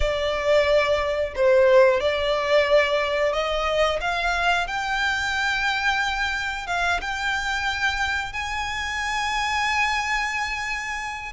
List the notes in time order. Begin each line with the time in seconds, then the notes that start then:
0.00 D5
1.35 C5
2.00 D5
3.32 D#5
4.00 F5
4.67 G5
6.67 F5
7.01 G5
8.32 G#5